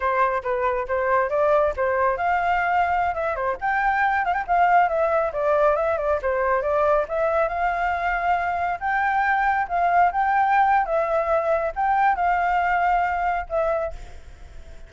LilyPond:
\new Staff \with { instrumentName = "flute" } { \time 4/4 \tempo 4 = 138 c''4 b'4 c''4 d''4 | c''4 f''2~ f''16 e''8 c''16~ | c''16 g''4. f''16 g''16 f''4 e''8.~ | e''16 d''4 e''8 d''8 c''4 d''8.~ |
d''16 e''4 f''2~ f''8.~ | f''16 g''2 f''4 g''8.~ | g''4 e''2 g''4 | f''2. e''4 | }